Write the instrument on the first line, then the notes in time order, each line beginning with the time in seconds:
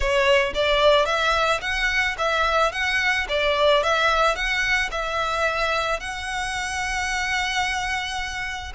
violin
0.00 C#5
0.54 D5
1.05 E5
1.61 F#5
2.18 E5
2.72 F#5
3.29 D5
3.83 E5
4.35 F#5
4.91 E5
6.00 F#5